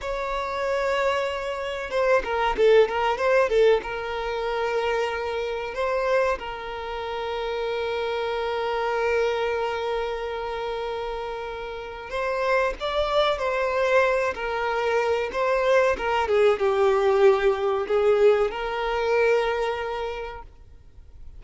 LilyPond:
\new Staff \with { instrumentName = "violin" } { \time 4/4 \tempo 4 = 94 cis''2. c''8 ais'8 | a'8 ais'8 c''8 a'8 ais'2~ | ais'4 c''4 ais'2~ | ais'1~ |
ais'2. c''4 | d''4 c''4. ais'4. | c''4 ais'8 gis'8 g'2 | gis'4 ais'2. | }